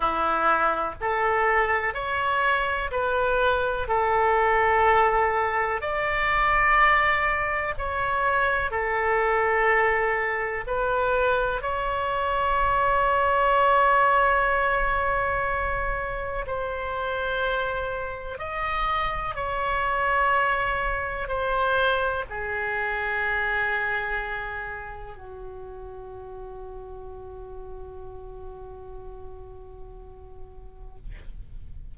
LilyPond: \new Staff \with { instrumentName = "oboe" } { \time 4/4 \tempo 4 = 62 e'4 a'4 cis''4 b'4 | a'2 d''2 | cis''4 a'2 b'4 | cis''1~ |
cis''4 c''2 dis''4 | cis''2 c''4 gis'4~ | gis'2 fis'2~ | fis'1 | }